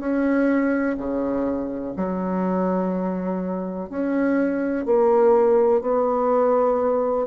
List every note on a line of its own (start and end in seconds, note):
0.00 0.97 C#4
0.98 1.95 C#3
1.97 3.90 F#3
3.90 4.86 C#4
4.86 5.82 A#3
5.82 7.27 B3